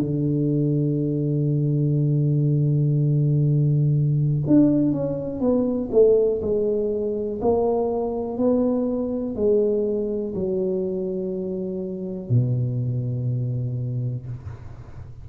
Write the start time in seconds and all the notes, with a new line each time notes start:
0.00 D3
4.47 D4
4.92 C#4
5.40 B3
5.92 A3
6.42 G#3
7.41 A#3
8.38 B3
9.36 G#3
10.35 F#3
12.30 B2